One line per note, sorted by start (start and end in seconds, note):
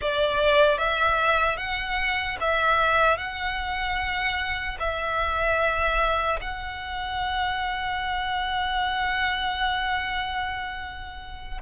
0.01 0.77 D5
0.77 1.57 E5
1.57 2.37 F#5
2.40 3.17 E5
3.17 4.77 F#5
4.79 6.39 E5
6.41 11.61 F#5